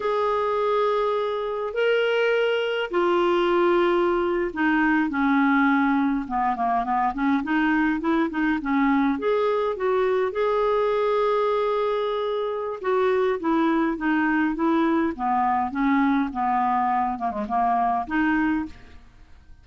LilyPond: \new Staff \with { instrumentName = "clarinet" } { \time 4/4 \tempo 4 = 103 gis'2. ais'4~ | ais'4 f'2~ f'8. dis'16~ | dis'8. cis'2 b8 ais8 b16~ | b16 cis'8 dis'4 e'8 dis'8 cis'4 gis'16~ |
gis'8. fis'4 gis'2~ gis'16~ | gis'2 fis'4 e'4 | dis'4 e'4 b4 cis'4 | b4. ais16 gis16 ais4 dis'4 | }